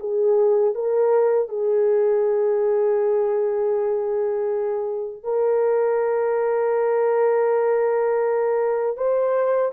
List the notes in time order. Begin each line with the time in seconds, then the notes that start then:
0.00 G#4
0.75 A#4
1.49 G#4
5.24 A#4
8.97 C5